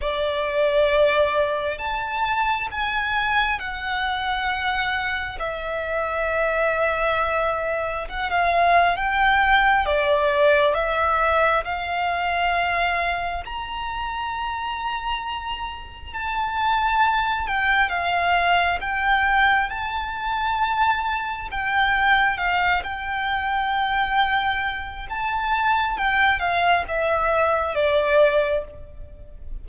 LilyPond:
\new Staff \with { instrumentName = "violin" } { \time 4/4 \tempo 4 = 67 d''2 a''4 gis''4 | fis''2 e''2~ | e''4 fis''16 f''8. g''4 d''4 | e''4 f''2 ais''4~ |
ais''2 a''4. g''8 | f''4 g''4 a''2 | g''4 f''8 g''2~ g''8 | a''4 g''8 f''8 e''4 d''4 | }